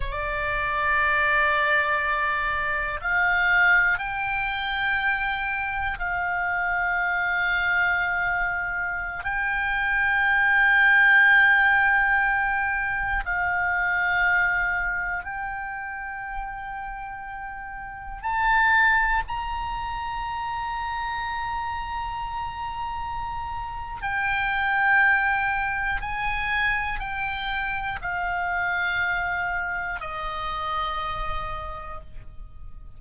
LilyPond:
\new Staff \with { instrumentName = "oboe" } { \time 4/4 \tempo 4 = 60 d''2. f''4 | g''2 f''2~ | f''4~ f''16 g''2~ g''8.~ | g''4~ g''16 f''2 g''8.~ |
g''2~ g''16 a''4 ais''8.~ | ais''1 | g''2 gis''4 g''4 | f''2 dis''2 | }